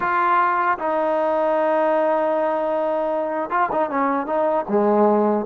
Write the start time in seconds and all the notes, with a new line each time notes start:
0.00 F4
0.78 D#4
3.50 F4
3.71 D#4
3.90 C#4
4.26 D#4
4.68 G#3